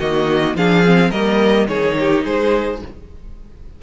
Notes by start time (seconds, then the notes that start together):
0.00 D#3 A#3 F#4 D#5
0.55 F3 D4 G#4 F5
0.85 C4
1.11 G3 A#3 A#4 D#5
1.68 D#3 D#4 G#4 C#5
2.00 G4
2.25 G#3 G#4 C5